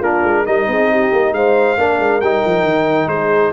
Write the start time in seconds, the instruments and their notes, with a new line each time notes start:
0.00 tuba A#3, trombone D4, horn F4, trumpet A#4
0.23 tuba G#3
0.46 tuba G3, trombone D#4, horn A#4, trumpet D#5
0.67 tuba C4, horn G#4
0.91 horn G4
1.12 tuba A#3
1.32 tuba G#3, horn C5, trumpet F5
1.77 tuba A#3, trombone D4, horn A#4
1.99 tuba G#3
2.21 tuba G3, trombone D#4, trumpet G5
2.45 tuba F3
2.63 tuba D#3
3.07 tuba G#3, horn G#4, trumpet C5